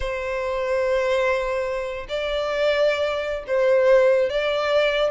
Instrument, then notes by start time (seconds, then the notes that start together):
violin
0.00 C5
2.08 D5
3.47 C5
4.29 D5